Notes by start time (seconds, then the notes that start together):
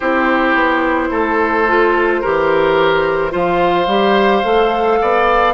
0.00 C4 E4 G4 C5
0.54 B3
1.11 A3 A4
1.67 F4
2.21 E3 G4 A#4
3.30 F3 F4 C5 F5
3.86 G3 G4
4.43 A3 A4
5.01 B3 D5